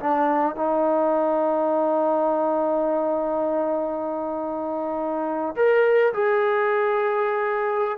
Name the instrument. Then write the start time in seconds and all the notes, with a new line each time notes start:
trombone
0.00 D4
0.56 D#4
5.56 A#4
6.14 G#4